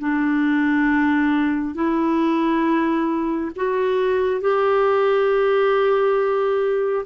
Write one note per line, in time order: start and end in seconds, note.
0.00 1.75 D4
1.75 3.51 E4
3.56 4.41 F#4
4.41 7.06 G4